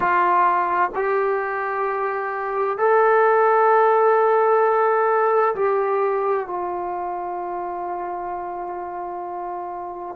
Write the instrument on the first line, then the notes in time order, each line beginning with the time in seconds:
trombone
0.00 F4
0.95 G4
2.77 A4
5.55 G4
6.47 F4